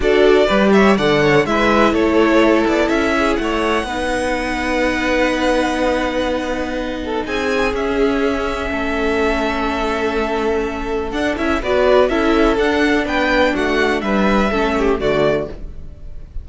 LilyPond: <<
  \new Staff \with { instrumentName = "violin" } { \time 4/4 \tempo 4 = 124 d''4. e''8 fis''4 e''4 | cis''4. d''8 e''4 fis''4~ | fis''1~ | fis''2. gis''4 |
e''1~ | e''2. fis''8 e''8 | d''4 e''4 fis''4 g''4 | fis''4 e''2 d''4 | }
  \new Staff \with { instrumentName = "violin" } { \time 4/4 a'4 b'8 cis''8 d''8 cis''8 b'4 | a'2~ a'8 gis'8 cis''4 | b'1~ | b'2~ b'8 a'8 gis'4~ |
gis'2 a'2~ | a'1 | b'4 a'2 b'4 | fis'4 b'4 a'8 g'8 fis'4 | }
  \new Staff \with { instrumentName = "viola" } { \time 4/4 fis'4 g'4 a'4 e'4~ | e'1 | dis'1~ | dis'1 |
cis'1~ | cis'2. d'8 e'8 | fis'4 e'4 d'2~ | d'2 cis'4 a4 | }
  \new Staff \with { instrumentName = "cello" } { \time 4/4 d'4 g4 d4 gis4 | a4. b8 cis'4 a4 | b1~ | b2. c'4 |
cis'2 a2~ | a2. d'8 cis'8 | b4 cis'4 d'4 b4 | a4 g4 a4 d4 | }
>>